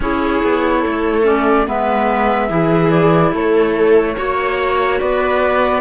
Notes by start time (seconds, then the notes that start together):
0.00 C#4 E4 G#4 C#5
0.43 B3
0.80 A4
0.86 A3
1.23 C#4 D5
1.66 G#3 B3 B4 E5
2.48 E3 E4 G#4
2.90 D5
3.32 A3 A4 C#5
4.15 A#3 F#4 C#5
4.99 B3 B4 D5